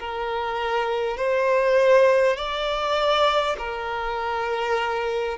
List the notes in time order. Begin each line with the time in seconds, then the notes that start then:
0.00 A#4
1.17 C5
2.36 D5
3.58 A#4